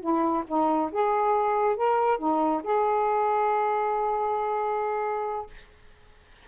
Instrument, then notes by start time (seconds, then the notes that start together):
saxophone
0.00 E4
0.47 D#4
0.91 G#4
1.76 A#4
2.18 D#4
2.63 G#4